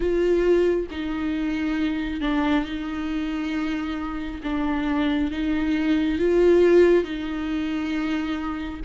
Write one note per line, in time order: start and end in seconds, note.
0.00 0.87 F4
0.90 2.21 D#4
2.21 2.65 D4
2.65 4.41 D#4
4.43 5.31 D4
5.31 6.18 D#4
6.18 7.03 F4
7.03 8.80 D#4